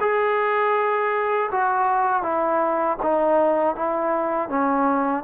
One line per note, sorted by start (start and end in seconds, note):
0.00 1.50 G#4
1.51 2.22 F#4
2.22 2.97 E4
3.03 3.75 D#4
3.75 4.49 E4
4.49 5.24 C#4